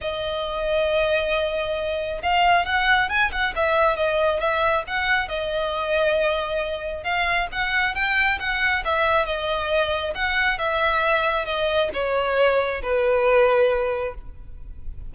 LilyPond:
\new Staff \with { instrumentName = "violin" } { \time 4/4 \tempo 4 = 136 dis''1~ | dis''4 f''4 fis''4 gis''8 fis''8 | e''4 dis''4 e''4 fis''4 | dis''1 |
f''4 fis''4 g''4 fis''4 | e''4 dis''2 fis''4 | e''2 dis''4 cis''4~ | cis''4 b'2. | }